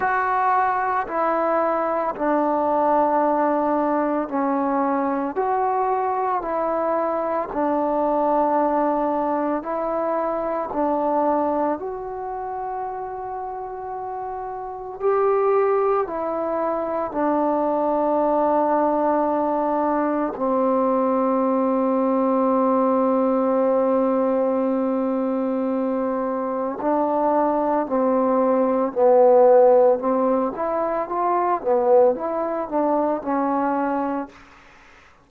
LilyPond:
\new Staff \with { instrumentName = "trombone" } { \time 4/4 \tempo 4 = 56 fis'4 e'4 d'2 | cis'4 fis'4 e'4 d'4~ | d'4 e'4 d'4 fis'4~ | fis'2 g'4 e'4 |
d'2. c'4~ | c'1~ | c'4 d'4 c'4 b4 | c'8 e'8 f'8 b8 e'8 d'8 cis'4 | }